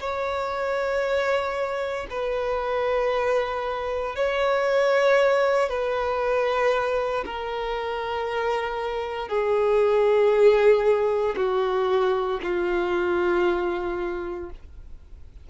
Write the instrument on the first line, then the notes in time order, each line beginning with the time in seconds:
violin
0.00 C#5
2.10 B4
4.16 C#5
5.69 B4
7.26 A#4
9.28 G#4
11.37 F#4
12.43 F4